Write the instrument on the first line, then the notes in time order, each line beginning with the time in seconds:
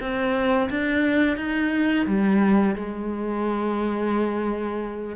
cello
0.00 C4
0.70 D4
1.37 D#4
2.06 G3
2.75 G#3